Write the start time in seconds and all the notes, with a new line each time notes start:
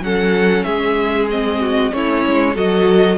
0.00 F#3 C#4 A4 F#5
0.64 G#3 G#4 E5
1.30 C4 D#5
1.61 F#4
1.92 A3 C#4 E4 C#5
2.26 G#3
2.54 F#3 F#4 A4 D#5